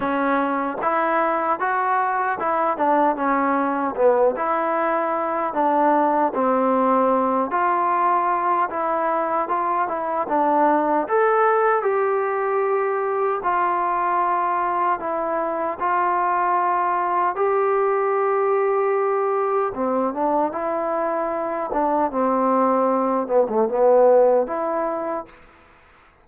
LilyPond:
\new Staff \with { instrumentName = "trombone" } { \time 4/4 \tempo 4 = 76 cis'4 e'4 fis'4 e'8 d'8 | cis'4 b8 e'4. d'4 | c'4. f'4. e'4 | f'8 e'8 d'4 a'4 g'4~ |
g'4 f'2 e'4 | f'2 g'2~ | g'4 c'8 d'8 e'4. d'8 | c'4. b16 a16 b4 e'4 | }